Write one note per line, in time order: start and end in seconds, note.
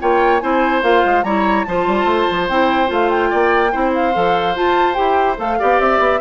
0.00 0.42 A#3
0.00 0.41 F4
0.00 0.42 C#5
0.00 0.40 G5
0.40 0.82 C4
0.40 0.82 E4
0.40 1.25 C5
0.40 0.81 G#5
0.82 1.03 A#3
0.82 1.24 F4
0.82 1.23 F5
1.05 1.24 G#3
1.23 1.65 G3
1.23 1.67 E4
1.23 1.66 C#5
1.23 1.64 A#5
1.64 1.87 F3
1.64 2.49 F4
1.64 3.30 C5
1.64 2.47 A5
1.87 2.04 G3
2.04 2.25 A3
2.31 2.49 F3
2.49 2.90 C4
2.49 2.86 E4
2.49 2.90 G5
2.86 3.31 A3
2.86 3.69 F4
2.93 3.10 F5
3.10 3.92 G5
3.30 3.74 A#3
3.30 3.71 D5
3.72 4.15 C4
3.72 4.13 E4
3.72 5.58 C5
3.94 4.56 F5
4.13 4.56 F3
4.13 4.54 A4
4.55 4.94 F4
4.55 4.97 F4
4.55 4.94 A5
4.94 5.38 E4
4.94 5.36 G4
4.94 5.35 G5
5.36 5.59 A3
5.36 5.57 A4
5.36 5.80 F5
5.59 5.79 B3
5.59 6.20 G4
5.59 6.20 D5
5.79 5.99 C4
5.79 6.20 E5
5.99 6.20 B3